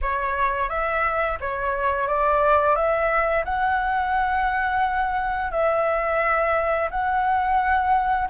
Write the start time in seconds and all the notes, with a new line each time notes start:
0.01 C#5
0.69 E5
1.40 C#5
2.07 D5
2.75 E5
3.44 F#5
5.51 E5
6.90 F#5